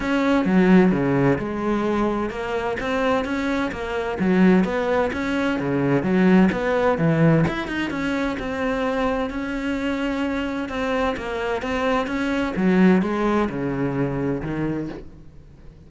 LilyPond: \new Staff \with { instrumentName = "cello" } { \time 4/4 \tempo 4 = 129 cis'4 fis4 cis4 gis4~ | gis4 ais4 c'4 cis'4 | ais4 fis4 b4 cis'4 | cis4 fis4 b4 e4 |
e'8 dis'8 cis'4 c'2 | cis'2. c'4 | ais4 c'4 cis'4 fis4 | gis4 cis2 dis4 | }